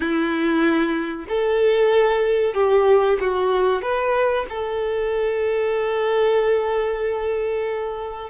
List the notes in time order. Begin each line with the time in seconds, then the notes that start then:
0.00 E4
1.28 A4
2.54 G4
3.20 F#4
3.82 B4
4.49 A4